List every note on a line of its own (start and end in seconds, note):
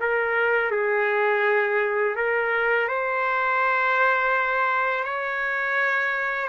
0.00 0.71 A#4
0.71 2.16 G#4
2.16 2.88 A#4
2.88 5.04 C5
5.04 6.49 C#5